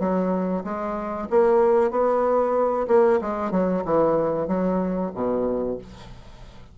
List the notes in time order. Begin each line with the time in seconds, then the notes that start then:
0.00 F#3
0.65 G#3
1.31 A#3
1.91 B3
2.88 A#3
3.22 G#3
3.52 F#3
3.85 E3
4.48 F#3
5.15 B2